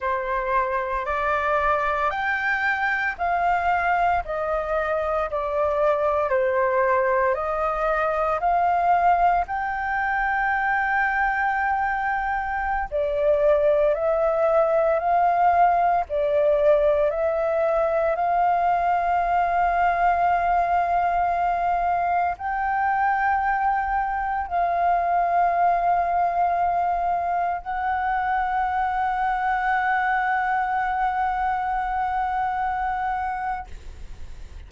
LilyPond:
\new Staff \with { instrumentName = "flute" } { \time 4/4 \tempo 4 = 57 c''4 d''4 g''4 f''4 | dis''4 d''4 c''4 dis''4 | f''4 g''2.~ | g''16 d''4 e''4 f''4 d''8.~ |
d''16 e''4 f''2~ f''8.~ | f''4~ f''16 g''2 f''8.~ | f''2~ f''16 fis''4.~ fis''16~ | fis''1 | }